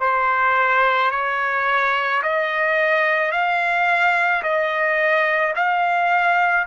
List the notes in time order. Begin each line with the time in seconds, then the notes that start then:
0.00 C5
1.11 C#5
2.23 D#5
3.32 F5
4.43 D#5
5.56 F5